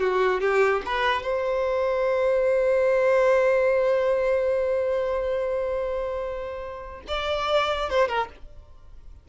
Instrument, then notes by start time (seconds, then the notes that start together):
violin
0.00 F#4
0.41 G4
0.86 B4
1.23 C5
7.08 D5
7.90 C5
8.08 A#4